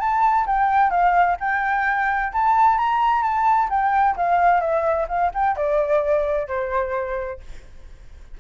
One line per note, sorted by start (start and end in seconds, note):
0.00 0.46 A5
0.47 0.90 G5
0.90 1.37 F5
1.40 2.32 G5
2.33 2.78 A5
2.78 3.23 A#5
3.23 3.69 A5
3.70 4.16 G5
4.17 4.61 F5
4.61 5.07 E5
5.09 5.32 F5
5.34 5.57 G5
5.57 6.48 D5
6.48 7.40 C5